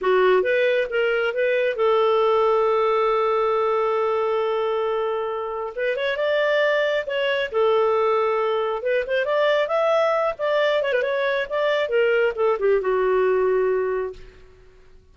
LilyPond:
\new Staff \with { instrumentName = "clarinet" } { \time 4/4 \tempo 4 = 136 fis'4 b'4 ais'4 b'4 | a'1~ | a'1~ | a'4 b'8 cis''8 d''2 |
cis''4 a'2. | b'8 c''8 d''4 e''4. d''8~ | d''8 cis''16 b'16 cis''4 d''4 ais'4 | a'8 g'8 fis'2. | }